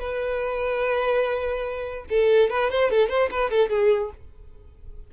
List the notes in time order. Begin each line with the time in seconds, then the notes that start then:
0.00 B4
2.10 A4
2.50 B4
2.71 C5
2.91 A4
3.09 C5
3.31 B4
3.51 A4
3.70 G#4